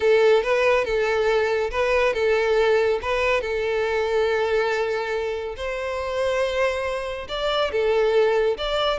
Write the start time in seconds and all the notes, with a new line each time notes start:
0.00 A4
0.42 B4
0.84 A4
1.70 B4
2.13 A4
3.01 B4
3.41 A4
5.56 C5
7.28 D5
7.71 A4
8.57 D5